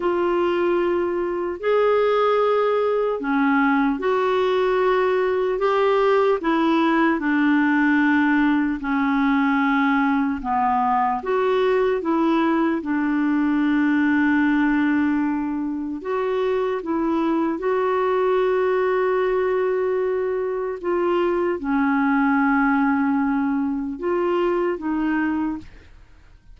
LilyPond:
\new Staff \with { instrumentName = "clarinet" } { \time 4/4 \tempo 4 = 75 f'2 gis'2 | cis'4 fis'2 g'4 | e'4 d'2 cis'4~ | cis'4 b4 fis'4 e'4 |
d'1 | fis'4 e'4 fis'2~ | fis'2 f'4 cis'4~ | cis'2 f'4 dis'4 | }